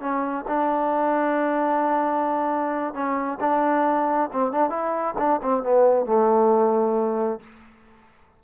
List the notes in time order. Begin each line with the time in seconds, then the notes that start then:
0.00 C#4
0.48 D4
2.93 C#4
3.40 D4
4.32 C4
4.52 D4
4.70 E4
5.18 D4
5.43 C4
5.63 B3
6.06 A3